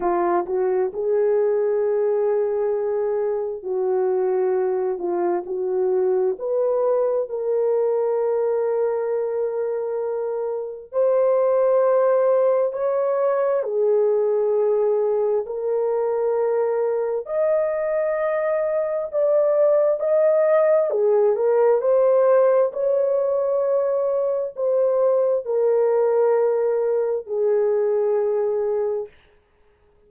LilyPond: \new Staff \with { instrumentName = "horn" } { \time 4/4 \tempo 4 = 66 f'8 fis'8 gis'2. | fis'4. f'8 fis'4 b'4 | ais'1 | c''2 cis''4 gis'4~ |
gis'4 ais'2 dis''4~ | dis''4 d''4 dis''4 gis'8 ais'8 | c''4 cis''2 c''4 | ais'2 gis'2 | }